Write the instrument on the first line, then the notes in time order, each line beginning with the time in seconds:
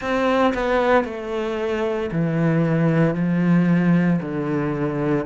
cello
0.00 C4
0.54 B3
1.04 A3
2.11 E3
3.14 F3
4.21 D3